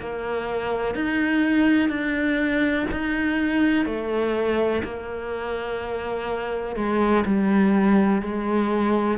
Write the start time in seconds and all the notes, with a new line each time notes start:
0.00 A#3
0.95 D#4
1.90 D4
2.92 D#4
3.86 A3
4.84 A#3
6.77 G#3
7.26 G3
8.22 G#3